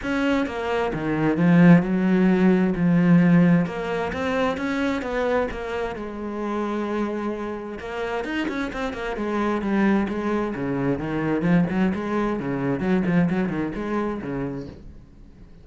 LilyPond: \new Staff \with { instrumentName = "cello" } { \time 4/4 \tempo 4 = 131 cis'4 ais4 dis4 f4 | fis2 f2 | ais4 c'4 cis'4 b4 | ais4 gis2.~ |
gis4 ais4 dis'8 cis'8 c'8 ais8 | gis4 g4 gis4 cis4 | dis4 f8 fis8 gis4 cis4 | fis8 f8 fis8 dis8 gis4 cis4 | }